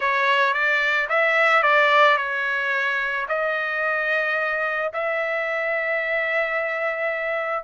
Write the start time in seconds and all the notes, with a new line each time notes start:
0.00 C#5
0.53 D5
1.09 E5
1.62 D5
2.17 C#5
3.28 D#5
4.93 E5